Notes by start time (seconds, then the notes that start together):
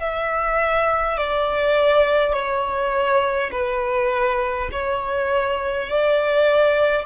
0.00 E5
1.18 D5
2.33 C#5
3.52 B4
4.72 C#5
5.90 D5